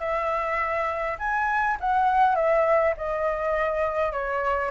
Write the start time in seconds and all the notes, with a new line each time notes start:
0.00 E5
1.19 G#5
1.80 F#5
2.36 E5
2.97 D#5
4.12 C#5